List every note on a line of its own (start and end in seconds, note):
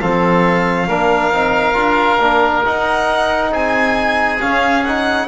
0.00 0.88 F3
0.00 0.89 C4
0.00 0.88 A4
0.00 2.65 F5
0.88 1.31 A#3
0.88 1.33 D4
0.88 3.51 A#4
1.31 1.75 C4
1.31 1.74 D#4
1.74 2.19 D4
1.74 2.18 F4
2.19 2.64 A#3
2.19 2.65 D4
2.66 4.40 D#4
2.66 3.51 D#4
2.66 3.53 F#5
3.51 4.40 C4
3.51 5.27 G#4
3.51 4.41 G#5
4.40 4.84 C#4
4.40 5.28 C#4
4.40 4.84 F5
4.84 5.28 D#4
4.84 5.28 F#5